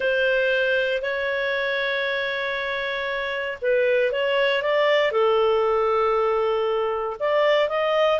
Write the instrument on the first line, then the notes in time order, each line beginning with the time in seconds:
clarinet
0.00 C5
1.01 C#5
3.61 B4
4.12 C#5
4.62 D5
5.11 A4
7.19 D5
7.68 D#5